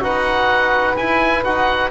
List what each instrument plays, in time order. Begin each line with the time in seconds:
0.00 double bass D#4, trombone F#4, saxophone B4, oboe F#5
0.96 trombone E4, double bass E4, oboe G#5
1.44 double bass D#4, trombone F#4, oboe F#5